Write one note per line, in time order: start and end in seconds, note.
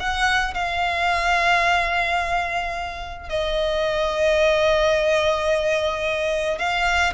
0.00 0.54 F#5
0.54 3.30 F5
3.30 6.59 D#5
6.59 7.14 F5